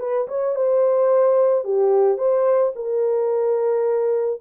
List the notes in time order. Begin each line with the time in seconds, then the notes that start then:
0.00 B4
0.28 C#5
0.55 C5
1.64 G4
2.18 C5
2.75 A#4